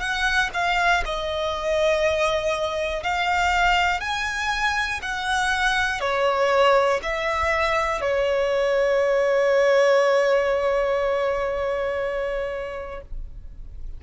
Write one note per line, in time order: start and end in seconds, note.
0.00 0.50 F#5
0.54 1.04 F5
1.05 3.03 D#5
3.03 4.00 F5
4.00 5.00 G#5
5.02 6.00 F#5
6.00 7.00 C#5
7.02 8.01 E5
8.01 13.01 C#5